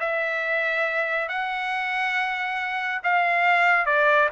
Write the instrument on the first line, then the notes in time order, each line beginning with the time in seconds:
trumpet
0.00 E5
1.29 F#5
3.04 F5
3.86 D5